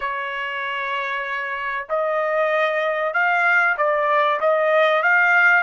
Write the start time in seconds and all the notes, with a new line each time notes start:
0.00 C#5
1.89 D#5
3.13 F5
3.77 D5
4.40 D#5
5.02 F5